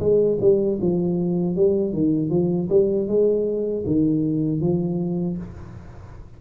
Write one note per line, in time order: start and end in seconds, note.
0.00 0.38 G#3
0.41 0.79 G3
0.81 1.56 F3
1.56 1.93 G3
1.93 2.30 D#3
2.30 2.69 F3
2.70 3.08 G3
3.08 3.85 G#3
3.87 4.61 D#3
4.61 5.38 F3